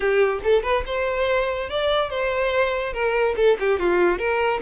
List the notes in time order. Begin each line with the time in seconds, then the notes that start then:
0.00 G4
0.43 A4
0.63 B4
0.85 C5
1.69 D5
2.10 C5
2.93 A#4
3.36 A4
3.59 G4
3.79 F4
4.18 A#4